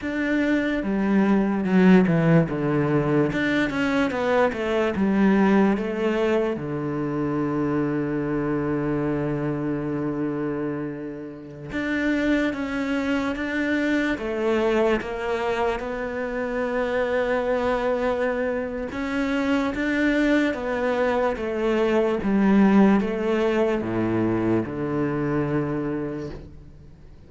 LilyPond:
\new Staff \with { instrumentName = "cello" } { \time 4/4 \tempo 4 = 73 d'4 g4 fis8 e8 d4 | d'8 cis'8 b8 a8 g4 a4 | d1~ | d2~ d16 d'4 cis'8.~ |
cis'16 d'4 a4 ais4 b8.~ | b2. cis'4 | d'4 b4 a4 g4 | a4 a,4 d2 | }